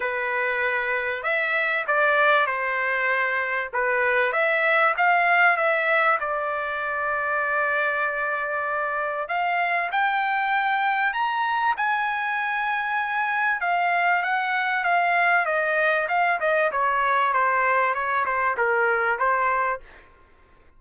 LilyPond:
\new Staff \with { instrumentName = "trumpet" } { \time 4/4 \tempo 4 = 97 b'2 e''4 d''4 | c''2 b'4 e''4 | f''4 e''4 d''2~ | d''2. f''4 |
g''2 ais''4 gis''4~ | gis''2 f''4 fis''4 | f''4 dis''4 f''8 dis''8 cis''4 | c''4 cis''8 c''8 ais'4 c''4 | }